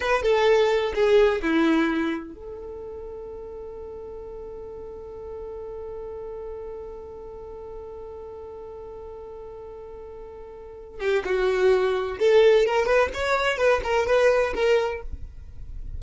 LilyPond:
\new Staff \with { instrumentName = "violin" } { \time 4/4 \tempo 4 = 128 b'8 a'4. gis'4 e'4~ | e'4 a'2.~ | a'1~ | a'1~ |
a'1~ | a'2.~ a'8 g'8 | fis'2 a'4 ais'8 b'8 | cis''4 b'8 ais'8 b'4 ais'4 | }